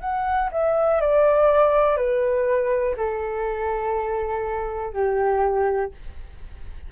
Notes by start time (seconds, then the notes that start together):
0.00 F#5
0.51 E5
1.00 D5
1.96 B4
2.96 A4
4.93 G4